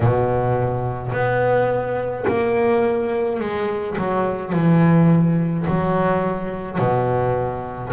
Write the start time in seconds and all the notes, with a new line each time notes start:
0.00 B2
1.12 B3
2.27 A#3
3.40 G#3
3.97 F#3
4.52 E3
5.67 F#3
6.78 B2